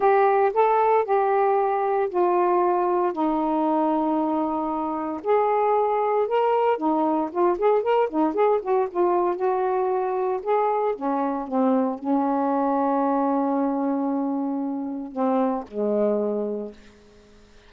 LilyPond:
\new Staff \with { instrumentName = "saxophone" } { \time 4/4 \tempo 4 = 115 g'4 a'4 g'2 | f'2 dis'2~ | dis'2 gis'2 | ais'4 dis'4 f'8 gis'8 ais'8 dis'8 |
gis'8 fis'8 f'4 fis'2 | gis'4 cis'4 c'4 cis'4~ | cis'1~ | cis'4 c'4 gis2 | }